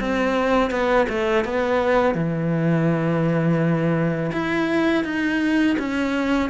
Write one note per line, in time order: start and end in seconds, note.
0.00 0.71 C4
0.71 1.07 B3
1.09 1.45 A3
1.45 2.15 B3
2.15 4.32 E3
4.33 5.05 E4
5.05 5.77 D#4
5.79 6.50 C#4